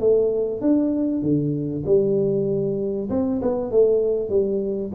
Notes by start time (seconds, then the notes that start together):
0.00 A3
0.61 D4
1.23 D3
1.86 G3
3.10 C4
3.42 B3
3.71 A3
4.30 G3